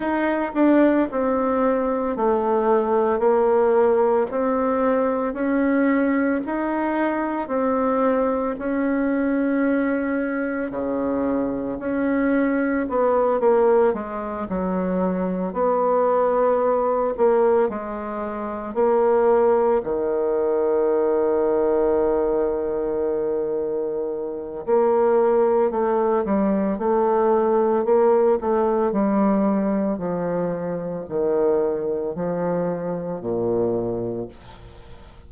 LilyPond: \new Staff \with { instrumentName = "bassoon" } { \time 4/4 \tempo 4 = 56 dis'8 d'8 c'4 a4 ais4 | c'4 cis'4 dis'4 c'4 | cis'2 cis4 cis'4 | b8 ais8 gis8 fis4 b4. |
ais8 gis4 ais4 dis4.~ | dis2. ais4 | a8 g8 a4 ais8 a8 g4 | f4 dis4 f4 ais,4 | }